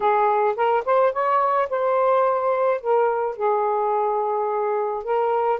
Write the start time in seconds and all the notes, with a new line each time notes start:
0.00 G#4
0.56 A#4
0.85 C5
1.12 C#5
1.69 C5
2.80 A#4
3.36 G#4
5.03 A#4